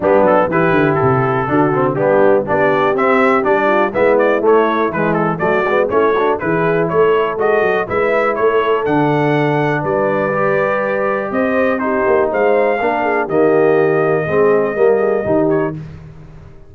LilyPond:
<<
  \new Staff \with { instrumentName = "trumpet" } { \time 4/4 \tempo 4 = 122 g'8 a'8 b'4 a'2 | g'4 d''4 e''4 d''4 | e''8 d''8 cis''4 b'8 a'8 d''4 | cis''4 b'4 cis''4 dis''4 |
e''4 cis''4 fis''2 | d''2. dis''4 | c''4 f''2 dis''4~ | dis''2.~ dis''8 cis''8 | }
  \new Staff \with { instrumentName = "horn" } { \time 4/4 d'4 g'2 fis'4 | d'4 g'2~ g'8 f'8 | e'2. fis'4 | e'8 fis'8 gis'4 a'2 |
b'4 a'2. | b'2. c''4 | g'4 c''4 ais'8 gis'8 g'4~ | g'4 gis'4 ais'8 gis'8 g'4 | }
  \new Staff \with { instrumentName = "trombone" } { \time 4/4 b4 e'2 d'8 c'8 | b4 d'4 c'4 d'4 | b4 a4 gis4 a8 b8 | cis'8 d'8 e'2 fis'4 |
e'2 d'2~ | d'4 g'2. | dis'2 d'4 ais4~ | ais4 c'4 ais4 dis'4 | }
  \new Staff \with { instrumentName = "tuba" } { \time 4/4 g8 fis8 e8 d8 c4 d4 | g4 b4 c'4 g4 | gis4 a4 e4 fis8 gis8 | a4 e4 a4 gis8 fis8 |
gis4 a4 d2 | g2. c'4~ | c'8 ais8 gis4 ais4 dis4~ | dis4 gis4 g4 dis4 | }
>>